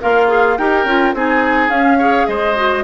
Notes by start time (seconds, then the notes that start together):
0.00 A#3 F4 A#4 F5
0.28 G#4
0.58 D#4 G4 A#4 G5
0.85 C#4 F4
1.14 C4 D#4 G#4 G#5
1.69 C#4 F5
1.99 G#4 C#5
2.27 G#3 C5 D#5
2.56 F#4